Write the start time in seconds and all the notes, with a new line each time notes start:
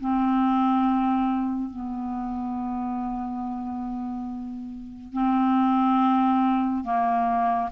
0.00 C4
1.70 B3
5.13 C4
6.84 A#3